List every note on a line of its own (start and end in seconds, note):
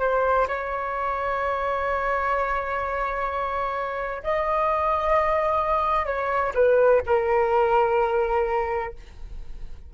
0.00 0.47 C5
0.48 4.23 C#5
4.24 6.06 D#5
6.06 6.53 C#5
6.55 7.02 B4
7.07 8.94 A#4